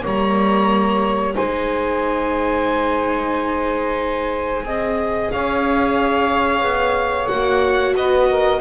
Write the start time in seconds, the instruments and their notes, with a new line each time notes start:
0.00 double bass G3, viola A#3, saxophone C#5
0.06 violin A#5
1.34 double bass G#3, viola D#4, saxophone C5, violin G#5
4.63 double bass C4, viola G#4, saxophone D#5
5.31 double bass C#4, saxophone C#5, violin F5
6.61 double bass B3
7.28 double bass A#3, viola F#4, violin F#5
7.94 double bass B3, saxophone B4, violin D#5
8.28 saxophone A#4